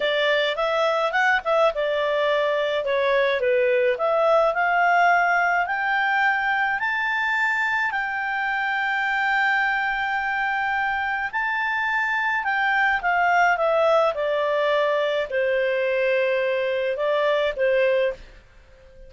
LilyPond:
\new Staff \with { instrumentName = "clarinet" } { \time 4/4 \tempo 4 = 106 d''4 e''4 fis''8 e''8 d''4~ | d''4 cis''4 b'4 e''4 | f''2 g''2 | a''2 g''2~ |
g''1 | a''2 g''4 f''4 | e''4 d''2 c''4~ | c''2 d''4 c''4 | }